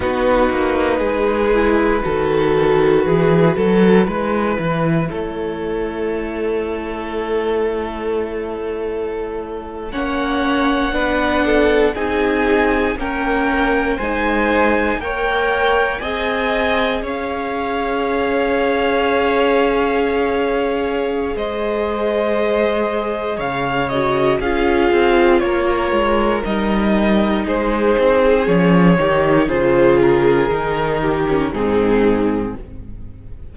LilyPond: <<
  \new Staff \with { instrumentName = "violin" } { \time 4/4 \tempo 4 = 59 b'1~ | b'4 cis''2.~ | cis''4.~ cis''16 fis''2 gis''16~ | gis''8. g''4 gis''4 g''4 gis''16~ |
gis''8. f''2.~ f''16~ | f''4 dis''2 f''8 dis''8 | f''4 cis''4 dis''4 c''4 | cis''4 c''8 ais'4. gis'4 | }
  \new Staff \with { instrumentName = "violin" } { \time 4/4 fis'4 gis'4 a'4 gis'8 a'8 | b'4 a'2.~ | a'4.~ a'16 cis''4 b'8 a'8 gis'16~ | gis'8. ais'4 c''4 cis''4 dis''16~ |
dis''8. cis''2.~ cis''16~ | cis''4 c''2 cis''4 | gis'4 ais'2 gis'4~ | gis'8 g'8 gis'4. g'8 dis'4 | }
  \new Staff \with { instrumentName = "viola" } { \time 4/4 dis'4. e'8 fis'2 | e'1~ | e'4.~ e'16 cis'4 d'4 dis'16~ | dis'8. cis'4 dis'4 ais'4 gis'16~ |
gis'1~ | gis'2.~ gis'8 fis'8 | f'2 dis'2 | cis'8 dis'8 f'4 dis'8. cis'16 c'4 | }
  \new Staff \with { instrumentName = "cello" } { \time 4/4 b8 ais8 gis4 dis4 e8 fis8 | gis8 e8 a2.~ | a4.~ a16 ais4 b4 c'16~ | c'8. ais4 gis4 ais4 c'16~ |
c'8. cis'2.~ cis'16~ | cis'4 gis2 cis4 | cis'8 c'8 ais8 gis8 g4 gis8 c'8 | f8 dis8 cis4 dis4 gis,4 | }
>>